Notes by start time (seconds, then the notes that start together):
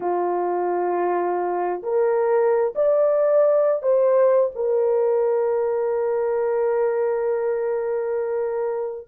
0.00 F4
1.83 A#4
2.75 D5
3.82 C5
4.55 A#4